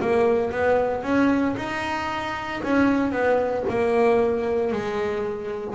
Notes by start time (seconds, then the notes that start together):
0.00 A#3
0.51 B3
1.03 C#4
1.56 D#4
2.63 C#4
3.12 B3
3.69 A#3
4.72 G#3